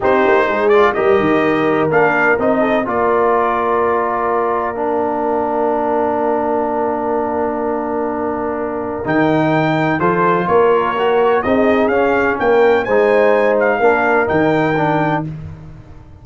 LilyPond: <<
  \new Staff \with { instrumentName = "trumpet" } { \time 4/4 \tempo 4 = 126 c''4. d''8 dis''2 | f''4 dis''4 d''2~ | d''2 f''2~ | f''1~ |
f''2. g''4~ | g''4 c''4 cis''2 | dis''4 f''4 g''4 gis''4~ | gis''8 f''4. g''2 | }
  \new Staff \with { instrumentName = "horn" } { \time 4/4 g'4 gis'4 ais'2~ | ais'4. a'8 ais'2~ | ais'1~ | ais'1~ |
ais'1~ | ais'4 a'4 ais'2 | gis'2 ais'4 c''4~ | c''4 ais'2. | }
  \new Staff \with { instrumentName = "trombone" } { \time 4/4 dis'4. f'8 g'2 | d'4 dis'4 f'2~ | f'2 d'2~ | d'1~ |
d'2. dis'4~ | dis'4 f'2 fis'4 | dis'4 cis'2 dis'4~ | dis'4 d'4 dis'4 d'4 | }
  \new Staff \with { instrumentName = "tuba" } { \time 4/4 c'8 ais8 gis4 g8 dis4. | ais4 c'4 ais2~ | ais1~ | ais1~ |
ais2. dis4~ | dis4 f4 ais2 | c'4 cis'4 ais4 gis4~ | gis4 ais4 dis2 | }
>>